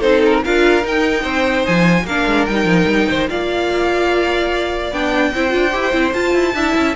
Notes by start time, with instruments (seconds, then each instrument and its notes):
0.00 cello C4, viola D#4, violin A4 C5
0.26 violin A#4
0.45 cello D4, viola F4, violin A#4 F5
0.82 viola D#4, cello D#4, violin G5
1.22 cello C4, violin C5
1.66 cello F3, violin G#5
2.04 cello A#3, viola D4, violin A#4 F5
2.27 cello G#3
2.46 cello G3, viola D#4, violin G5
2.65 cello F3
2.87 cello G3
3.09 cello D#3, violin C5
3.29 cello A#3, viola F4, violin D5 F5
4.92 cello B3, viola D4, violin G5
5.34 cello C4, viola E4, violin C5
5.50 cello D4, viola F4
5.72 cello E4, viola G4
5.93 cello C4, viola E4
6.13 viola F4, cello F4, violin A5
6.34 cello E4
6.54 cello D4, viola E4, violin E5
6.77 cello C#4